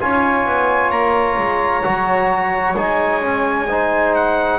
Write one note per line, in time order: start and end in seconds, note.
0.00 0.46 C#4
0.00 1.83 F4
0.00 3.70 C#5
0.00 0.91 G#5
0.46 0.91 B3
0.91 1.37 A#3
0.91 2.76 A#5
1.38 1.84 G#3
1.83 2.75 F#3
1.83 2.75 F#4
2.75 4.59 G#3
2.75 3.22 D#4
2.75 4.15 G#5
3.22 3.68 C#4
3.70 4.59 D#4
3.70 4.59 C5
4.15 4.59 F#5